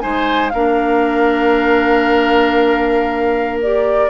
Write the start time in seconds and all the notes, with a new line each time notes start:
0.00 G#3 D#4 C5 G#5
0.49 A#3 A#4 F5
0.55 D4
3.62 G4 D5